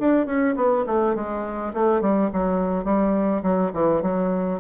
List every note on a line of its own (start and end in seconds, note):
0.00 0.26 D4
0.26 0.55 C#4
0.56 0.85 B3
0.87 1.15 A3
1.15 1.73 G#3
1.74 2.02 A3
2.02 2.31 G3
2.33 2.85 F#3
2.85 3.42 G3
3.43 3.72 F#3
3.74 4.03 E3
4.03 4.60 F#3